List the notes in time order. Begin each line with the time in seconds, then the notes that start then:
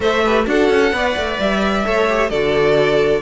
0.00 A3 A4 C5 E5
0.24 G4 B4
0.45 D4 F#4 A4 F#5
0.70 C#4
0.92 B3 B4 D5
1.15 A3
1.39 G3 E5
1.84 A3 A4 C#5
2.09 G4
2.29 D3 F#4 A4 D5